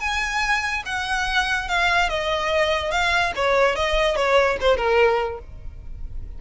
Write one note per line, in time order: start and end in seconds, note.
0.00 0.83 G#5
0.85 1.68 F#5
1.68 2.09 F5
2.09 2.91 D#5
2.91 3.32 F5
3.35 3.75 C#5
3.75 4.16 D#5
4.16 4.57 C#5
4.60 4.77 C5
4.77 5.39 A#4